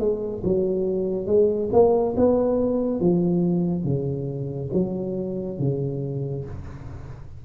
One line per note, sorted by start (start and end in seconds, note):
0.00 0.43 G#3
0.44 1.27 F#3
1.27 1.69 G#3
1.73 2.15 A#3
2.17 3.00 B3
3.00 3.85 F3
3.85 4.70 C#3
4.73 5.59 F#3
5.59 6.45 C#3